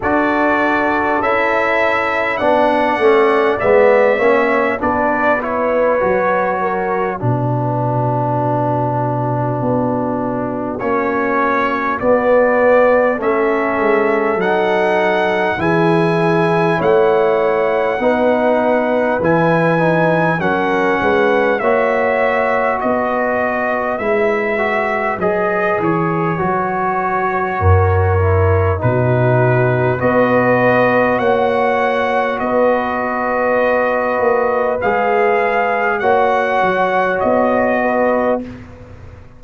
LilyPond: <<
  \new Staff \with { instrumentName = "trumpet" } { \time 4/4 \tempo 4 = 50 d''4 e''4 fis''4 e''4 | d''8 cis''4. b'2~ | b'4 cis''4 d''4 e''4 | fis''4 gis''4 fis''2 |
gis''4 fis''4 e''4 dis''4 | e''4 dis''8 cis''2~ cis''8 | b'4 dis''4 fis''4 dis''4~ | dis''4 f''4 fis''4 dis''4 | }
  \new Staff \with { instrumentName = "horn" } { \time 4/4 a'2 d''4. cis''8 | b'4. ais'8 fis'2~ | fis'2. a'4~ | a'4 gis'4 cis''4 b'4~ |
b'4 ais'8 b'8 cis''4 b'4~ | b'2. ais'4 | fis'4 b'4 cis''4 b'4~ | b'2 cis''4. b'8 | }
  \new Staff \with { instrumentName = "trombone" } { \time 4/4 fis'4 e'4 d'8 cis'8 b8 cis'8 | d'8 e'8 fis'4 d'2~ | d'4 cis'4 b4 cis'4 | dis'4 e'2 dis'4 |
e'8 dis'8 cis'4 fis'2 | e'8 fis'8 gis'4 fis'4. e'8 | dis'4 fis'2.~ | fis'4 gis'4 fis'2 | }
  \new Staff \with { instrumentName = "tuba" } { \time 4/4 d'4 cis'4 b8 a8 gis8 ais8 | b4 fis4 b,2 | b4 ais4 b4 a8 gis8 | fis4 e4 a4 b4 |
e4 fis8 gis8 ais4 b4 | gis4 fis8 e8 fis4 fis,4 | b,4 b4 ais4 b4~ | b8 ais8 gis4 ais8 fis8 b4 | }
>>